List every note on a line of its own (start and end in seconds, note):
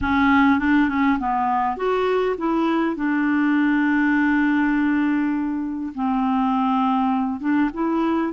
0.01 0.59 C#4
0.59 0.88 D4
0.88 1.18 C#4
1.19 1.76 B3
1.76 2.36 F#4
2.37 2.95 E4
2.95 5.92 D4
5.94 7.40 C4
7.40 7.70 D4
7.73 8.32 E4